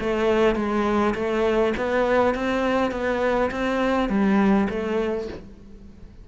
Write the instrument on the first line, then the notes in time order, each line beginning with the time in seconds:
cello
0.00 A3
0.56 G#3
1.15 A3
1.77 B3
2.35 C4
2.91 B3
3.51 C4
4.09 G3
4.70 A3